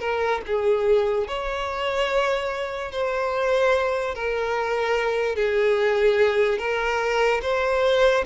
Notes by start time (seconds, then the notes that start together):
0.00 A#4
0.47 G#4
1.28 C#5
2.92 C5
4.15 A#4
5.35 G#4
6.59 A#4
7.42 C5